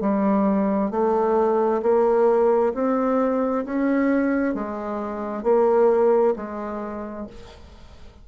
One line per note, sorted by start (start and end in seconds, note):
0.00 0.90 G3
0.90 1.81 A3
1.82 2.73 A#3
2.74 3.65 C4
3.65 4.55 C#4
4.55 5.43 G#3
5.43 6.34 A#3
6.36 7.26 G#3